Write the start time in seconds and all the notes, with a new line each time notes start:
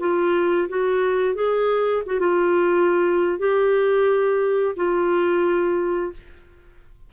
0.00 F4
0.69 F#4
1.35 G#4
2.06 F#4
2.20 F4
3.39 G4
4.76 F4